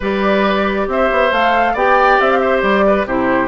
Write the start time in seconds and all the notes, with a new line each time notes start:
0.00 G3 G4 B4 D5
0.87 C4 C5 E5
1.11 B3
1.31 A3 A4 F5
1.73 B3 G4 D5 G5
2.20 C4 E5
2.31 F5
2.39 C5 E5
2.62 G3 D5
2.86 B4
3.05 C3 E4 G4 C5